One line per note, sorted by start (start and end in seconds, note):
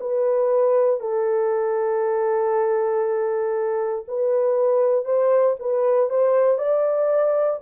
0.00 1.00 B4
1.00 4.05 A4
4.08 5.05 B4
5.05 5.56 C5
5.59 6.10 B4
6.10 6.58 C5
6.58 7.60 D5